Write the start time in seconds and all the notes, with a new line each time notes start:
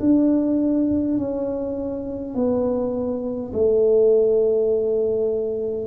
0.00 D4
1.18 C#4
2.35 B3
3.53 A3